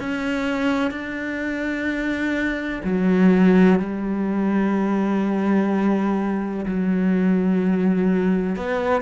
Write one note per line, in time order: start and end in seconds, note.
0.00 0.91 C#4
0.91 2.81 D4
2.84 3.80 F#3
3.80 6.65 G3
6.66 8.56 F#3
8.57 9.02 B3